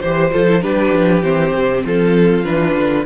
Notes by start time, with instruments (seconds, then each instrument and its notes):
0.00 cello E3, viola G4, violin C5
0.31 cello F3, viola F4, violin A4
0.48 viola E4
0.61 cello G3, viola D4, violin G4 B4
0.93 cello F3
1.22 cello E3, viola C4, violin C5
1.55 cello C3
1.84 cello F3, violin F4 A4
2.44 cello E3, viola D4, violin B4
2.75 cello D3